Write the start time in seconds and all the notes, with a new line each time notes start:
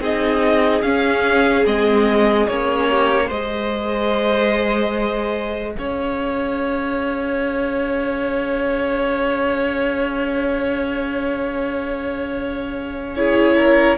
0.00 C4 D#4 G#4 D#5
0.82 C#4 F5
1.65 G#3 C4 D#5
2.48 A#3 C#4 C#5
2.90 G4
3.26 G#3 G#4 C5 D#5
5.75 C#4 C#5 F5
13.16 E4 G#4 C#5
13.57 A#4